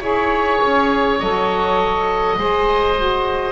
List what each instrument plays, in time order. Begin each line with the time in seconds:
0.00 double bass E4, saxophone G#4, oboe C#5
0.62 double bass C#4
1.19 double bass F#3, saxophone A4, oboe D#5
2.37 double bass G#3, saxophone G#4, oboe C5
2.97 saxophone F#4